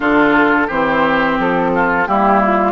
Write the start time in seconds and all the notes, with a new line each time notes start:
0.00 D3 D4 F4 A4
0.67 E3 C4 G4 C5
1.38 F3 A4
1.74 F4
2.06 G3 A#3 E4 G4
2.43 F4